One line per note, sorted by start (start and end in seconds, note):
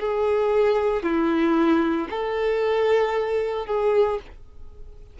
0.00 1.03 G#4
1.03 2.08 E4
2.11 3.67 A4
3.67 4.19 G#4